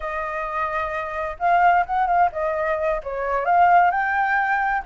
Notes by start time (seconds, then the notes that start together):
0.00 D#5
1.39 F5
1.86 F#5
2.06 F5
2.32 D#5
3.03 C#5
3.45 F5
3.90 G5